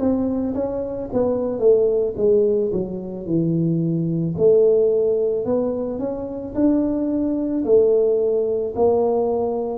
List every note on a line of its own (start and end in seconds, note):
0.00 0.55 C4
0.55 1.10 C#4
1.13 1.60 B3
1.60 2.14 A3
2.18 2.72 G#3
2.73 3.26 F#3
3.26 4.35 E3
4.38 5.46 A3
5.46 6.00 B3
6.00 6.55 C#4
6.56 7.65 D4
7.65 8.74 A3
8.76 9.79 A#3